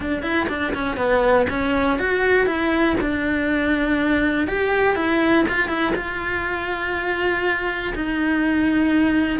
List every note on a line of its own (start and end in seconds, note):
0.00 0.22 D4
0.22 0.47 E4
0.48 0.73 D4
0.74 0.96 C#4
0.96 1.46 B3
1.49 1.98 C#4
1.98 2.46 F#4
2.46 2.96 E4
3.00 4.47 D4
4.47 4.95 G4
4.95 5.45 E4
5.48 5.68 F4
5.68 5.93 E4
5.95 7.93 F4
7.95 9.39 D#4